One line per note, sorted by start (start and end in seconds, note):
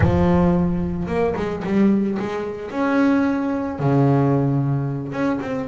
0.00 1.06 F3
1.07 1.34 A#3
1.36 1.63 G#3
1.64 2.18 G3
2.19 2.71 G#3
2.71 3.79 C#4
3.79 5.12 C#3
5.12 5.39 C#4
5.41 5.68 C4